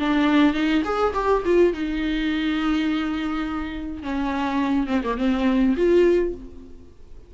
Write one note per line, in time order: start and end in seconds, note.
0.00 0.54 D4
0.54 0.83 D#4
0.85 1.14 G#4
1.15 1.43 G4
1.45 1.74 F4
1.74 4.03 D#4
4.03 4.87 C#4
4.87 5.02 C4
5.04 5.18 A#3
5.18 5.76 C4
5.77 6.35 F4